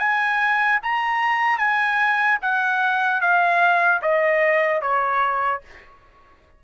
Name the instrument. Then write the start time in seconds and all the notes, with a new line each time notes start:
trumpet
0.00 G#5
0.83 A#5
1.59 G#5
2.42 F#5
3.21 F5
4.02 D#5
4.82 C#5